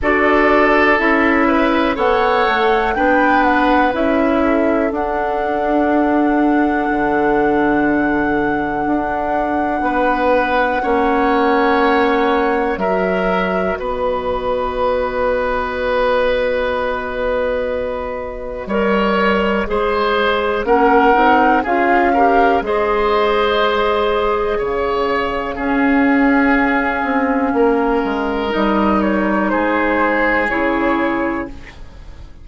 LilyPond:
<<
  \new Staff \with { instrumentName = "flute" } { \time 4/4 \tempo 4 = 61 d''4 e''4 fis''4 g''8 fis''8 | e''4 fis''2.~ | fis''1~ | fis''4 e''4 dis''2~ |
dis''1~ | dis''4 fis''4 f''4 dis''4~ | dis''4 f''2.~ | f''4 dis''8 cis''8 c''4 cis''4 | }
  \new Staff \with { instrumentName = "oboe" } { \time 4/4 a'4. b'8 cis''4 b'4~ | b'8 a'2.~ a'8~ | a'2 b'4 cis''4~ | cis''4 ais'4 b'2~ |
b'2. cis''4 | c''4 ais'4 gis'8 ais'8 c''4~ | c''4 cis''4 gis'2 | ais'2 gis'2 | }
  \new Staff \with { instrumentName = "clarinet" } { \time 4/4 fis'4 e'4 a'4 d'4 | e'4 d'2.~ | d'2. cis'4~ | cis'4 fis'2.~ |
fis'2. ais'4 | gis'4 cis'8 dis'8 f'8 g'8 gis'4~ | gis'2 cis'2~ | cis'4 dis'2 e'4 | }
  \new Staff \with { instrumentName = "bassoon" } { \time 4/4 d'4 cis'4 b8 a8 b4 | cis'4 d'2 d4~ | d4 d'4 b4 ais4~ | ais4 fis4 b2~ |
b2. g4 | gis4 ais8 c'8 cis'4 gis4~ | gis4 cis4 cis'4. c'8 | ais8 gis8 g4 gis4 cis4 | }
>>